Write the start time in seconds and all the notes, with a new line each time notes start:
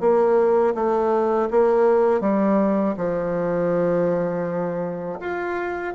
0.00 A#3
0.75 A3
1.51 A#3
2.21 G3
2.97 F3
5.20 F4